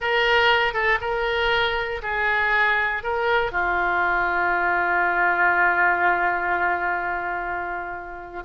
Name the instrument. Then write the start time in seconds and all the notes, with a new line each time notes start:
oboe
0.00 A#4
0.73 A4
1.00 A#4
2.02 G#4
3.03 A#4
3.51 F4